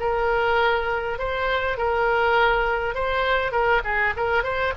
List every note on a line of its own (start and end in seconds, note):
0.00 1.19 A#4
1.19 1.78 C5
1.78 2.95 A#4
2.95 3.52 C5
3.52 3.82 A#4
3.85 4.14 G#4
4.17 4.44 A#4
4.44 4.74 C5